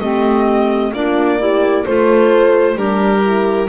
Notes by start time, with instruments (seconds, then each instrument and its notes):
0.00 double bass A3, clarinet C4, horn G4, violin D#5
0.93 double bass A#3, clarinet D4, horn F4, violin D5
1.39 clarinet E4, horn G4
1.85 double bass A3, clarinet F4, horn A4, violin C5
2.76 double bass G3, horn D4, clarinet G4, violin A#4
3.24 horn E4